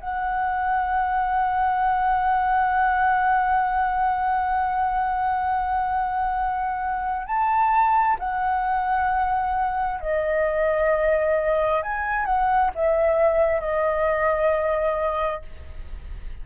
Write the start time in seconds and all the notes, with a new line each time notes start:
0.00 F#5
7.26 A5
8.19 F#5
10.01 D#5
11.83 G#5
12.26 F#5
12.75 E5
13.60 D#5